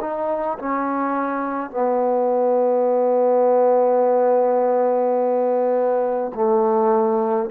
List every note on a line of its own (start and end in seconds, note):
0.00 0.58 D#4
0.58 1.70 C#4
1.70 6.31 B3
6.34 7.49 A3